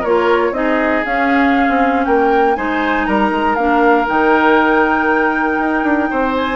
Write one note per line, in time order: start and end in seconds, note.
0.00 0.51 A#3
0.00 0.53 F4
0.00 0.50 A#4
0.00 0.54 C#5
0.51 1.02 C4
0.51 1.04 D#4
0.51 2.06 G#4
0.51 1.04 D#5
1.05 2.56 C#4
1.05 1.68 C#4
1.05 2.05 F5
1.68 2.06 C4
2.05 2.57 A#3
2.05 2.57 A#4
2.05 2.55 G5
2.55 3.07 G#3
2.55 3.57 D#4
2.55 3.07 C5
2.55 3.06 G#5
3.06 3.31 G3
3.06 6.10 A#4
3.06 3.55 A#5
3.31 3.56 G#3
3.55 4.07 A#3
3.55 4.06 D4
3.55 4.06 F5
4.06 5.58 D#3
4.06 6.55 D#4
4.06 6.35 G5
5.58 5.83 D#4
5.83 6.08 D4
6.10 6.55 C4
6.10 6.55 C5
6.35 6.55 G#5